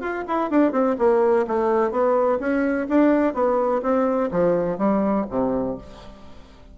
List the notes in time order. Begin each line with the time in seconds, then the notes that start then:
0.00 F4
0.27 E4
0.50 D4
0.72 C4
0.98 A#3
1.47 A3
1.91 B3
2.39 C#4
2.89 D4
3.34 B3
3.82 C4
4.31 F3
4.78 G3
5.30 C3